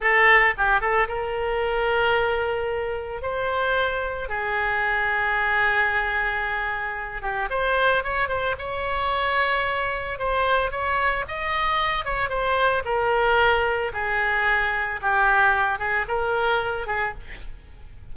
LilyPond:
\new Staff \with { instrumentName = "oboe" } { \time 4/4 \tempo 4 = 112 a'4 g'8 a'8 ais'2~ | ais'2 c''2 | gis'1~ | gis'4. g'8 c''4 cis''8 c''8 |
cis''2. c''4 | cis''4 dis''4. cis''8 c''4 | ais'2 gis'2 | g'4. gis'8 ais'4. gis'8 | }